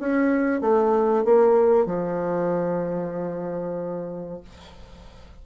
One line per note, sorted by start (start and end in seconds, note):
0.00 0.61 C#4
0.61 1.25 A3
1.25 1.86 A#3
1.86 4.41 F3